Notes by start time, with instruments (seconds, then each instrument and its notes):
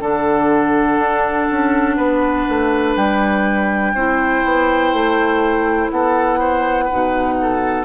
0.00 bassoon D3, clarinet D4, oboe A4, flute F#5
0.98 bassoon D4
1.51 bassoon C#4
1.96 bassoon B3, oboe B4
2.49 bassoon A3
2.95 bassoon G3, flute G5
3.94 bassoon C4, clarinet E4, oboe C5
4.44 bassoon B3
4.93 bassoon A3
5.90 bassoon B3, oboe A4, flute F#5
6.39 oboe C5
6.85 clarinet D#4, oboe B4
6.92 bassoon B2
7.42 oboe A4